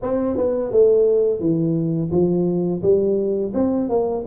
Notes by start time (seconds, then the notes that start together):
0.02 C4
0.36 B3
0.71 A3
1.40 E3
2.11 F3
2.82 G3
3.54 C4
3.89 A#3